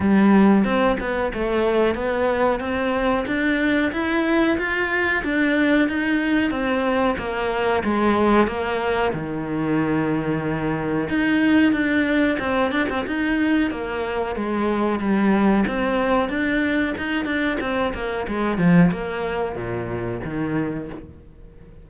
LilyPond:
\new Staff \with { instrumentName = "cello" } { \time 4/4 \tempo 4 = 92 g4 c'8 b8 a4 b4 | c'4 d'4 e'4 f'4 | d'4 dis'4 c'4 ais4 | gis4 ais4 dis2~ |
dis4 dis'4 d'4 c'8 d'16 c'16 | dis'4 ais4 gis4 g4 | c'4 d'4 dis'8 d'8 c'8 ais8 | gis8 f8 ais4 ais,4 dis4 | }